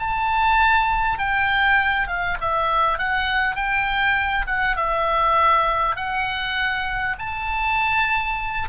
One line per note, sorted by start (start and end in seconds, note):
0.00 1.19 A5
1.19 2.08 G5
2.08 2.38 F5
2.41 2.99 E5
2.99 3.56 F#5
3.56 4.46 G5
4.47 4.77 F#5
4.77 5.96 E5
5.96 7.16 F#5
7.19 8.69 A5